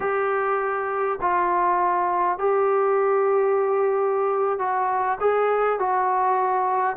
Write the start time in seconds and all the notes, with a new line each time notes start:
0.00 G4
1.21 F4
2.38 G4
4.59 F#4
5.20 G#4
5.79 F#4